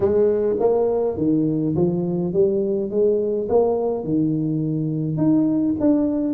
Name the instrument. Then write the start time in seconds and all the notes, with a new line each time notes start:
tuba
0.00 G#3
0.59 A#3
1.17 D#3
1.75 F3
2.33 G3
2.90 G#3
3.48 A#3
4.04 D#3
5.17 D#4
5.80 D4